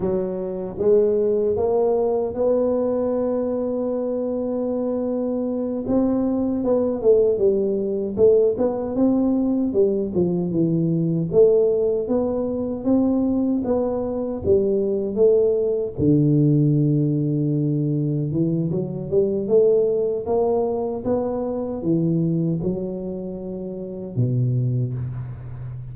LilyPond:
\new Staff \with { instrumentName = "tuba" } { \time 4/4 \tempo 4 = 77 fis4 gis4 ais4 b4~ | b2.~ b8 c'8~ | c'8 b8 a8 g4 a8 b8 c'8~ | c'8 g8 f8 e4 a4 b8~ |
b8 c'4 b4 g4 a8~ | a8 d2. e8 | fis8 g8 a4 ais4 b4 | e4 fis2 b,4 | }